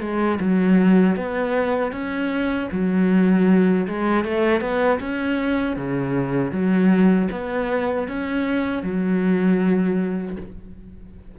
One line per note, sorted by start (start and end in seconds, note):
0.00 0.38 G#3
0.40 1.16 F#3
1.16 1.92 B3
1.92 2.69 C#4
2.72 3.87 F#3
3.87 4.24 G#3
4.24 4.60 A3
4.60 4.99 B3
5.00 5.76 C#4
5.76 6.51 C#3
6.51 7.28 F#3
7.31 8.08 B3
8.08 8.83 C#4
8.83 10.36 F#3